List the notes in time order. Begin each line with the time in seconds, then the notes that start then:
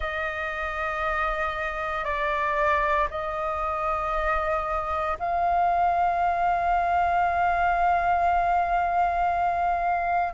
0.00 D#5
2.04 D5
3.10 D#5
5.19 F5